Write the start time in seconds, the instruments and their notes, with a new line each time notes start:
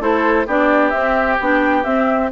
0.00 bassoon A3, clarinet E4, oboe A4, flute C5
0.47 bassoon B3, clarinet D4, oboe G4, flute D5
0.90 bassoon C4, clarinet C4, flute E5
1.40 bassoon B3, clarinet D4, flute G5
1.84 clarinet C4, bassoon C4, flute E5